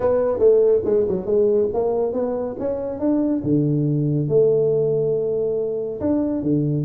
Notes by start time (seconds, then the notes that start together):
0.00 B3
0.38 A3
0.85 G#3
1.08 F#3
1.25 G#3
1.73 A#3
2.13 B3
2.59 C#4
2.99 D4
3.43 D3
4.28 A3
6.00 D4
6.42 D3